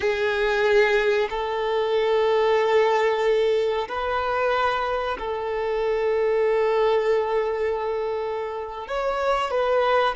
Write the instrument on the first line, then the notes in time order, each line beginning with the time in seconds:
violin
0.00 G#4
1.29 A4
3.88 B4
5.18 A4
8.87 C#5
9.50 B4